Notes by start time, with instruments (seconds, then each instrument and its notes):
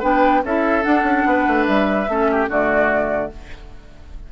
0.00 bassoon B3, clarinet D4, oboe B4, flute G5
0.44 bassoon C#4, clarinet E4, oboe A4, flute E5
0.83 clarinet D4, bassoon D4, flute F#5
1.03 bassoon C#4
1.26 bassoon B3, oboe B4
1.48 bassoon A3
1.66 bassoon G3, flute E5
2.08 bassoon A3, clarinet C#4, oboe A4
2.31 oboe G4
2.49 bassoon D3, clarinet A3, oboe F#4, flute D5